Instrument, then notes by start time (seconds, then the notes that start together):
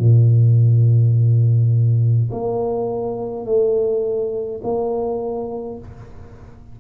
tuba
0.00 A#2
2.32 A#3
3.46 A3
4.64 A#3